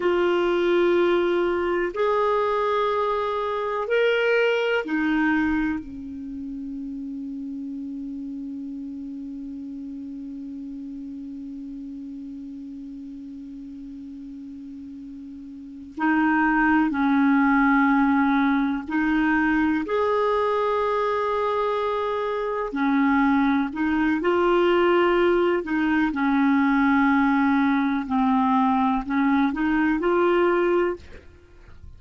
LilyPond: \new Staff \with { instrumentName = "clarinet" } { \time 4/4 \tempo 4 = 62 f'2 gis'2 | ais'4 dis'4 cis'2~ | cis'1~ | cis'1~ |
cis'8 dis'4 cis'2 dis'8~ | dis'8 gis'2. cis'8~ | cis'8 dis'8 f'4. dis'8 cis'4~ | cis'4 c'4 cis'8 dis'8 f'4 | }